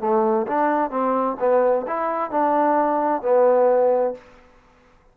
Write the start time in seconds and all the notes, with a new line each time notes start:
0.00 A3
0.47 D4
0.90 C4
1.40 B3
1.87 E4
2.31 D4
3.22 B3